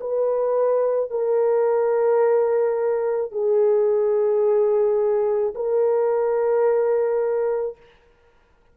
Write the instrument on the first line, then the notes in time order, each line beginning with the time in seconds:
horn
0.00 B4
1.10 A#4
3.31 G#4
5.55 A#4